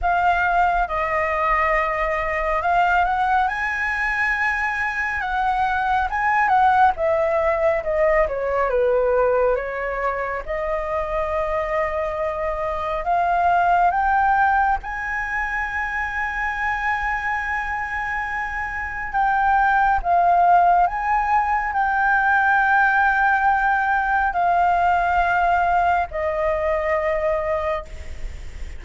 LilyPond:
\new Staff \with { instrumentName = "flute" } { \time 4/4 \tempo 4 = 69 f''4 dis''2 f''8 fis''8 | gis''2 fis''4 gis''8 fis''8 | e''4 dis''8 cis''8 b'4 cis''4 | dis''2. f''4 |
g''4 gis''2.~ | gis''2 g''4 f''4 | gis''4 g''2. | f''2 dis''2 | }